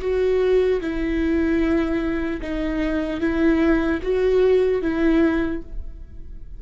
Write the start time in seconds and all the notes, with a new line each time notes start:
0.00 F#4
0.80 E4
2.41 D#4
3.20 E4
4.02 F#4
4.82 E4